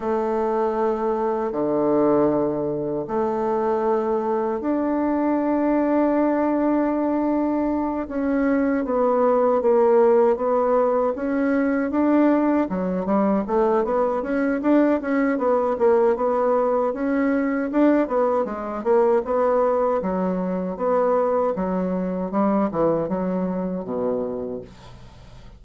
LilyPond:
\new Staff \with { instrumentName = "bassoon" } { \time 4/4 \tempo 4 = 78 a2 d2 | a2 d'2~ | d'2~ d'8 cis'4 b8~ | b8 ais4 b4 cis'4 d'8~ |
d'8 fis8 g8 a8 b8 cis'8 d'8 cis'8 | b8 ais8 b4 cis'4 d'8 b8 | gis8 ais8 b4 fis4 b4 | fis4 g8 e8 fis4 b,4 | }